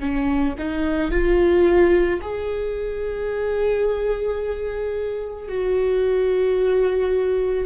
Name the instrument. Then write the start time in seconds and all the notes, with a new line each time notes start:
viola
0.00 C#4
0.58 D#4
1.11 F4
2.21 G#4
5.48 F#4